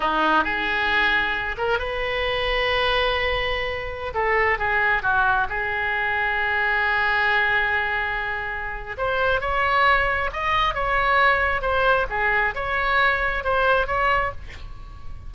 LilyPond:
\new Staff \with { instrumentName = "oboe" } { \time 4/4 \tempo 4 = 134 dis'4 gis'2~ gis'8 ais'8 | b'1~ | b'4~ b'16 a'4 gis'4 fis'8.~ | fis'16 gis'2.~ gis'8.~ |
gis'1 | c''4 cis''2 dis''4 | cis''2 c''4 gis'4 | cis''2 c''4 cis''4 | }